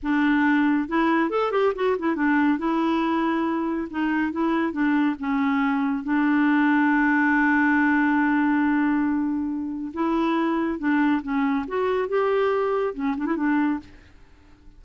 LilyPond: \new Staff \with { instrumentName = "clarinet" } { \time 4/4 \tempo 4 = 139 d'2 e'4 a'8 g'8 | fis'8 e'8 d'4 e'2~ | e'4 dis'4 e'4 d'4 | cis'2 d'2~ |
d'1~ | d'2. e'4~ | e'4 d'4 cis'4 fis'4 | g'2 cis'8 d'16 e'16 d'4 | }